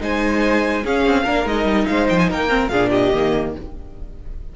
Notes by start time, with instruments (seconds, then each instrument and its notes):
0.00 cello G#3, viola D#4, violin C5 G#5
0.84 viola C#4, cello C#4, violin G#4 F5
1.05 cello C4
1.24 cello A#3, viola D4, violin A#4
1.45 cello G#3, viola D#4, violin D#5
1.65 cello G3
1.87 cello G#3, violin C5 F5
2.09 cello F3, violin G5
2.19 violin G#5
2.30 cello A#3, violin A#4 G5
2.49 viola C4
2.68 cello A#2, viola D4, violin G#4 F5
2.90 violin G4 D#5
3.14 cello D#3, viola A#3